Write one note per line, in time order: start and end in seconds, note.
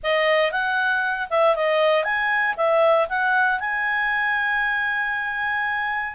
0.03 0.51 D#5
0.51 1.28 F#5
1.30 1.55 E5
1.55 2.04 D#5
2.04 2.55 G#5
2.56 3.08 E5
3.08 3.59 F#5
3.59 6.15 G#5